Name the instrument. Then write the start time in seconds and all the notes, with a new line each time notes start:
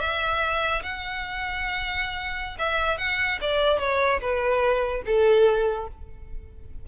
violin
0.00 E5
0.83 F#5
2.59 E5
2.98 F#5
3.41 D5
3.79 C#5
4.20 B4
5.06 A4